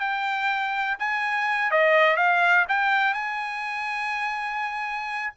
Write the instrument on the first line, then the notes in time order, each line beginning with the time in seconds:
trumpet
0.00 G5
0.99 G#5
1.71 D#5
2.17 F5
2.69 G5
3.14 G#5